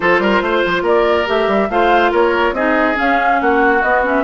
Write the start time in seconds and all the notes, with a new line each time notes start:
0.00 F3 F4 A4 C5
0.19 G3 A#4
0.41 A3 C5
0.65 F3
0.82 A#3 A#4 D5
1.26 A3 G4 E5
1.47 G3
1.69 A3 F4 C5 F5
2.11 A#3 A#4 C#5
2.52 C4 D#4 G#4 D#5
2.95 C#4 F5
3.41 A#3 F#4 F#5
3.82 B3 D#5
4.03 C#4 E5